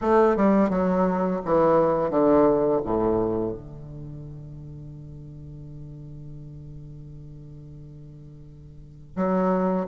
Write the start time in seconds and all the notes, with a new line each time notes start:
0.01 A3
0.36 G3
0.69 F#3
1.45 E3
2.10 D3
2.84 A2
3.52 D3
9.15 F#3